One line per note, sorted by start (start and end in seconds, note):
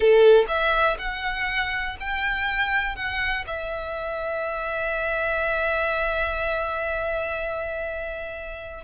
0.00 0.45 A4
0.48 0.97 E5
0.98 1.96 F#5
1.99 2.95 G5
2.95 3.44 F#5
3.46 8.84 E5